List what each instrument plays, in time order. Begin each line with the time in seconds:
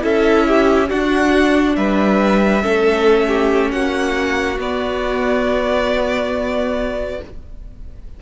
0.00 cello C#4, viola E4, violin A4 E5
0.47 violin G4
0.89 viola D4, cello D4, violin F#4 F#5
1.76 cello G3, violin B4 E5
2.62 cello A3, viola C#4, violin A4
3.28 violin G4
3.71 cello A#3, violin F#4 F#5
4.58 viola B3, cello B3, violin D5